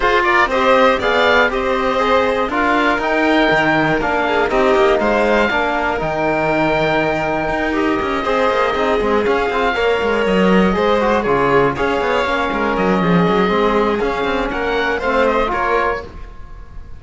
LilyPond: <<
  \new Staff \with { instrumentName = "oboe" } { \time 4/4 \tempo 4 = 120 c''8 d''8 dis''4 f''4 dis''4~ | dis''4 f''4 g''2 | f''4 dis''4 f''2 | g''2.~ g''8 dis''8~ |
dis''2~ dis''8 f''4.~ | f''8 dis''2 cis''4 f''8~ | f''4. dis''2~ dis''8 | f''4 fis''4 f''8 dis''8 cis''4 | }
  \new Staff \with { instrumentName = "violin" } { \time 4/4 gis'8 ais'8 c''4 d''4 c''4~ | c''4 ais'2.~ | ais'8 gis'8 g'4 c''4 ais'4~ | ais'1~ |
ais'8 c''4 gis'2 cis''8~ | cis''4. c''4 gis'4 cis''8~ | cis''4 ais'4 gis'2~ | gis'4 ais'4 c''4 ais'4 | }
  \new Staff \with { instrumentName = "trombone" } { \time 4/4 f'4 g'4 gis'4 g'4 | gis'4 f'4 dis'2 | d'4 dis'2 d'4 | dis'2.~ dis'8 g'8~ |
g'8 gis'4 dis'8 c'8 cis'8 f'8 ais'8~ | ais'4. gis'8 fis'8 f'4 gis'8~ | gis'8 cis'2~ cis'8 c'4 | cis'2 c'4 f'4 | }
  \new Staff \with { instrumentName = "cello" } { \time 4/4 f'4 c'4 b4 c'4~ | c'4 d'4 dis'4 dis4 | ais4 c'8 ais8 gis4 ais4 | dis2. dis'4 |
cis'8 c'8 ais8 c'8 gis8 cis'8 c'8 ais8 | gis8 fis4 gis4 cis4 cis'8 | b8 ais8 gis8 fis8 f8 fis8 gis4 | cis'8 c'8 ais4 a4 ais4 | }
>>